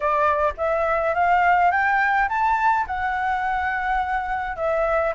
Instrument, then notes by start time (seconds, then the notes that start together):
flute
0.00 D5
0.57 E5
1.14 F5
1.71 G5
2.28 A5
2.86 F#5
4.56 E5